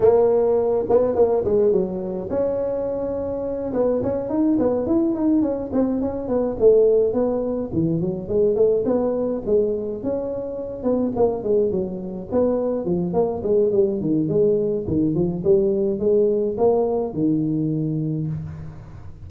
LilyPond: \new Staff \with { instrumentName = "tuba" } { \time 4/4 \tempo 4 = 105 ais4. b8 ais8 gis8 fis4 | cis'2~ cis'8 b8 cis'8 dis'8 | b8 e'8 dis'8 cis'8 c'8 cis'8 b8 a8~ | a8 b4 e8 fis8 gis8 a8 b8~ |
b8 gis4 cis'4. b8 ais8 | gis8 fis4 b4 f8 ais8 gis8 | g8 dis8 gis4 dis8 f8 g4 | gis4 ais4 dis2 | }